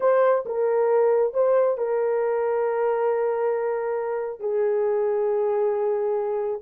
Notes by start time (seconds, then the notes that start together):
0.00 C5
0.45 A#4
1.33 C5
1.77 A#4
4.40 G#4